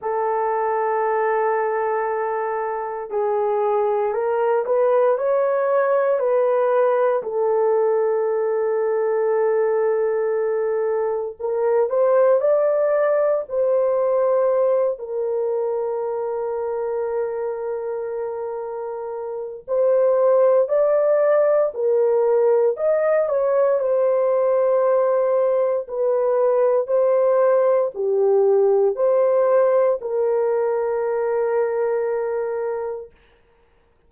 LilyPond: \new Staff \with { instrumentName = "horn" } { \time 4/4 \tempo 4 = 58 a'2. gis'4 | ais'8 b'8 cis''4 b'4 a'4~ | a'2. ais'8 c''8 | d''4 c''4. ais'4.~ |
ais'2. c''4 | d''4 ais'4 dis''8 cis''8 c''4~ | c''4 b'4 c''4 g'4 | c''4 ais'2. | }